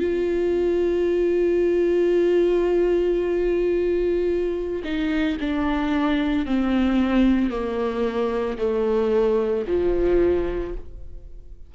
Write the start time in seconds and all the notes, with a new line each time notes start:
0.00 F4
4.84 D#4
5.40 D4
6.45 C4
7.50 A#3
8.58 A3
9.67 F3